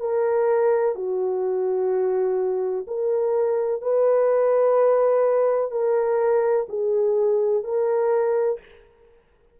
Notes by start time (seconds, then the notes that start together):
0.00 A#4
0.95 F#4
2.87 A#4
3.82 B4
5.71 A#4
6.69 G#4
7.64 A#4